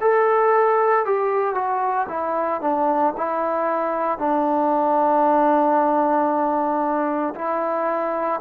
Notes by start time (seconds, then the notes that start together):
0.00 A4
1.05 G4
1.54 F#4
2.08 E4
2.61 D4
3.17 E4
4.18 D4
7.34 E4